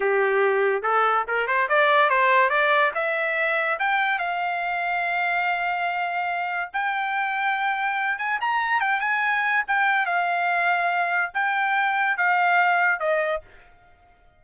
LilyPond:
\new Staff \with { instrumentName = "trumpet" } { \time 4/4 \tempo 4 = 143 g'2 a'4 ais'8 c''8 | d''4 c''4 d''4 e''4~ | e''4 g''4 f''2~ | f''1 |
g''2.~ g''8 gis''8 | ais''4 g''8 gis''4. g''4 | f''2. g''4~ | g''4 f''2 dis''4 | }